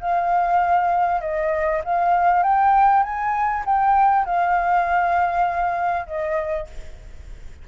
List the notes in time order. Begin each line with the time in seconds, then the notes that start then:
0.00 F5
1.21 D#5
1.84 F5
2.43 G5
3.03 G#5
3.65 G5
4.25 F5
6.06 D#5